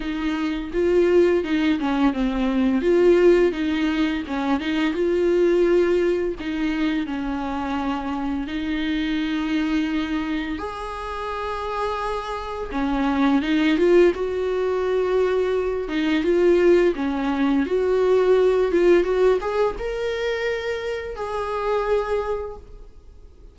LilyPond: \new Staff \with { instrumentName = "viola" } { \time 4/4 \tempo 4 = 85 dis'4 f'4 dis'8 cis'8 c'4 | f'4 dis'4 cis'8 dis'8 f'4~ | f'4 dis'4 cis'2 | dis'2. gis'4~ |
gis'2 cis'4 dis'8 f'8 | fis'2~ fis'8 dis'8 f'4 | cis'4 fis'4. f'8 fis'8 gis'8 | ais'2 gis'2 | }